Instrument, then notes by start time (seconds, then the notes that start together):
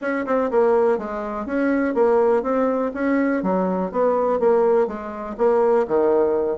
bassoon
0.01 C#4
0.25 C4
0.50 A#3
0.98 G#3
1.46 C#4
1.94 A#3
2.43 C4
2.94 C#4
3.43 F#3
3.91 B3
4.39 A#3
4.87 G#3
5.37 A#3
5.87 D#3